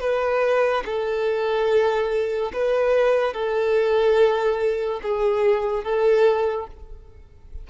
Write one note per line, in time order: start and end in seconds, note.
0.00 0.83 B4
0.85 2.52 A4
2.53 3.33 B4
3.33 5.00 A4
5.03 5.84 G#4
5.84 6.67 A4